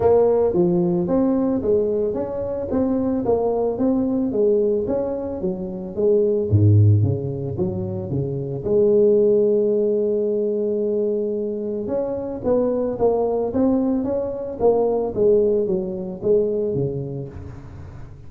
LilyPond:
\new Staff \with { instrumentName = "tuba" } { \time 4/4 \tempo 4 = 111 ais4 f4 c'4 gis4 | cis'4 c'4 ais4 c'4 | gis4 cis'4 fis4 gis4 | gis,4 cis4 fis4 cis4 |
gis1~ | gis2 cis'4 b4 | ais4 c'4 cis'4 ais4 | gis4 fis4 gis4 cis4 | }